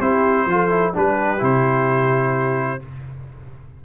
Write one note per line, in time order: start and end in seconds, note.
0.00 0.46 C4
0.00 0.48 E4
0.00 0.47 G4
0.00 0.94 C5
0.46 0.93 F3
0.46 0.70 F4
0.46 0.94 A4
0.70 0.93 E4
0.94 1.41 G3
0.94 1.39 D4
0.94 2.82 G4
0.94 1.44 B4
1.39 2.82 C3
1.39 2.79 E4
1.39 2.84 C5